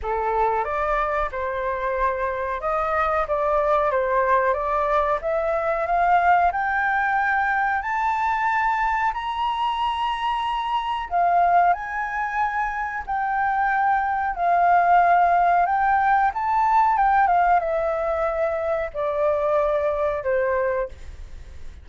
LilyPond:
\new Staff \with { instrumentName = "flute" } { \time 4/4 \tempo 4 = 92 a'4 d''4 c''2 | dis''4 d''4 c''4 d''4 | e''4 f''4 g''2 | a''2 ais''2~ |
ais''4 f''4 gis''2 | g''2 f''2 | g''4 a''4 g''8 f''8 e''4~ | e''4 d''2 c''4 | }